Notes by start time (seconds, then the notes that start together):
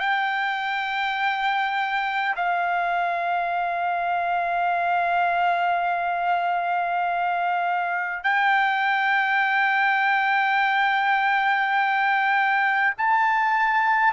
0.00 G5
2.36 F5
8.24 G5
12.98 A5